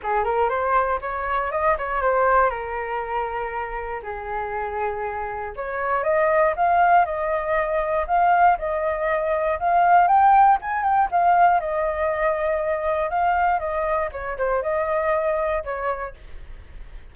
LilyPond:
\new Staff \with { instrumentName = "flute" } { \time 4/4 \tempo 4 = 119 gis'8 ais'8 c''4 cis''4 dis''8 cis''8 | c''4 ais'2. | gis'2. cis''4 | dis''4 f''4 dis''2 |
f''4 dis''2 f''4 | g''4 gis''8 g''8 f''4 dis''4~ | dis''2 f''4 dis''4 | cis''8 c''8 dis''2 cis''4 | }